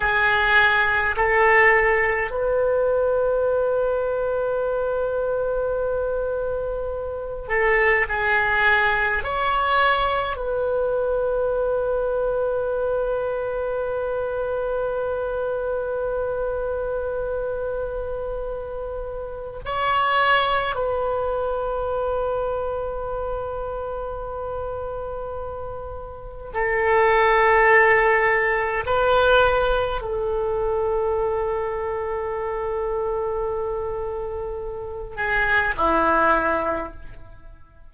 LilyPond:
\new Staff \with { instrumentName = "oboe" } { \time 4/4 \tempo 4 = 52 gis'4 a'4 b'2~ | b'2~ b'8 a'8 gis'4 | cis''4 b'2.~ | b'1~ |
b'4 cis''4 b'2~ | b'2. a'4~ | a'4 b'4 a'2~ | a'2~ a'8 gis'8 e'4 | }